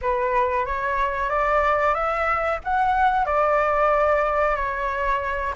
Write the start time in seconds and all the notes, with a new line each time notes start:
0.01 B4
0.65 C#5
1.29 D5
1.94 E5
2.64 F#5
3.25 D5
4.56 C#5